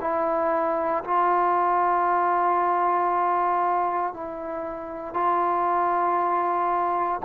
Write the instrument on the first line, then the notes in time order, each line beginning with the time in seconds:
trombone
0.00 E4
1.04 F4
4.13 E4
5.13 F4